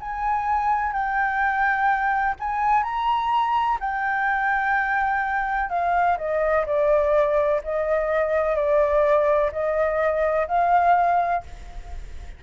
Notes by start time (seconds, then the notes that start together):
0.00 G#5
0.92 G5
2.40 G#5
2.83 A#5
3.80 G5
5.70 F5
6.18 D#5
6.66 D5
7.64 D#5
8.55 D5
9.52 D#5
10.48 F5